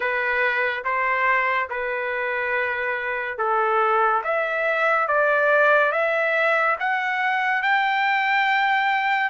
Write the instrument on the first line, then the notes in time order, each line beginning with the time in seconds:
trumpet
0.00 B4
0.84 C5
1.69 B4
3.38 A4
4.23 E5
5.07 D5
5.92 E5
6.79 F#5
7.62 G5